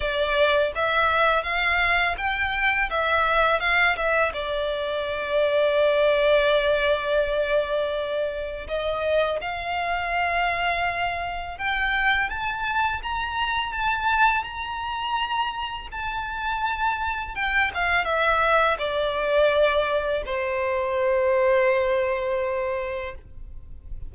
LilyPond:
\new Staff \with { instrumentName = "violin" } { \time 4/4 \tempo 4 = 83 d''4 e''4 f''4 g''4 | e''4 f''8 e''8 d''2~ | d''1 | dis''4 f''2. |
g''4 a''4 ais''4 a''4 | ais''2 a''2 | g''8 f''8 e''4 d''2 | c''1 | }